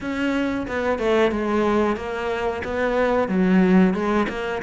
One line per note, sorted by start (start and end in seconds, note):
0.00 0.66 C#4
0.67 0.99 B3
0.99 1.31 A3
1.31 1.96 G#3
1.96 2.62 A#3
2.64 3.28 B3
3.28 3.94 F#3
3.94 4.26 G#3
4.29 4.62 A#3